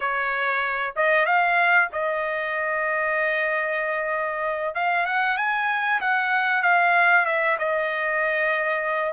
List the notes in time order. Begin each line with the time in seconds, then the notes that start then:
0.00 C#5
0.96 D#5
1.25 F5
1.92 D#5
4.74 F5
5.06 F#5
5.37 G#5
6.00 F#5
6.62 F5
7.25 E5
7.58 D#5